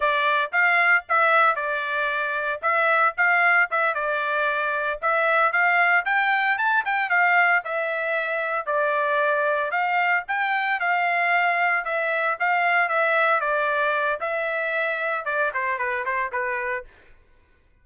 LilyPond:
\new Staff \with { instrumentName = "trumpet" } { \time 4/4 \tempo 4 = 114 d''4 f''4 e''4 d''4~ | d''4 e''4 f''4 e''8 d''8~ | d''4. e''4 f''4 g''8~ | g''8 a''8 g''8 f''4 e''4.~ |
e''8 d''2 f''4 g''8~ | g''8 f''2 e''4 f''8~ | f''8 e''4 d''4. e''4~ | e''4 d''8 c''8 b'8 c''8 b'4 | }